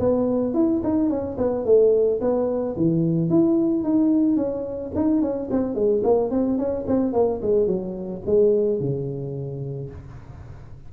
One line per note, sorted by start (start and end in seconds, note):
0.00 0.55 B3
0.55 0.82 E4
0.84 1.10 D#4
1.10 1.37 C#4
1.38 1.66 B3
1.66 2.21 A3
2.21 2.76 B3
2.77 3.30 E3
3.30 3.84 E4
3.84 4.37 D#4
4.37 4.92 C#4
4.95 5.22 D#4
5.22 5.50 C#4
5.51 5.75 C4
5.75 6.03 G#3
6.04 6.31 A#3
6.31 6.58 C4
6.58 6.86 C#4
6.88 7.13 C4
7.13 7.41 A#3
7.43 7.67 G#3
7.67 8.22 F#3
8.26 8.80 G#3
8.80 9.90 C#3